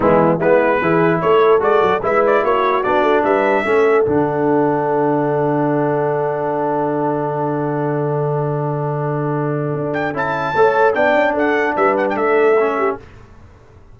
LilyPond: <<
  \new Staff \with { instrumentName = "trumpet" } { \time 4/4 \tempo 4 = 148 e'4 b'2 cis''4 | d''4 e''8 d''8 cis''4 d''4 | e''2 fis''2~ | fis''1~ |
fis''1~ | fis''1~ | fis''8 g''8 a''2 g''4 | fis''4 e''8 fis''16 g''16 e''2 | }
  \new Staff \with { instrumentName = "horn" } { \time 4/4 b4 e'4 gis'4 a'4~ | a'4 b'4 fis'2 | b'4 a'2.~ | a'1~ |
a'1~ | a'1~ | a'2 cis''4 d''4 | a'4 b'4 a'4. g'8 | }
  \new Staff \with { instrumentName = "trombone" } { \time 4/4 gis4 b4 e'2 | fis'4 e'2 d'4~ | d'4 cis'4 d'2~ | d'1~ |
d'1~ | d'1~ | d'4 e'4 a'4 d'4~ | d'2. cis'4 | }
  \new Staff \with { instrumentName = "tuba" } { \time 4/4 e4 gis4 e4 a4 | gis8 fis8 gis4 ais4 b8 a8 | g4 a4 d2~ | d1~ |
d1~ | d1 | d'4 cis'4 a4 b8 cis'8 | d'4 g4 a2 | }
>>